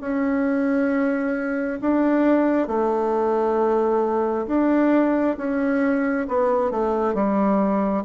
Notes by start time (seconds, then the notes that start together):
0.00 C#4
1.81 D4
2.67 A3
4.47 D4
5.37 C#4
6.28 B3
6.71 A3
7.14 G3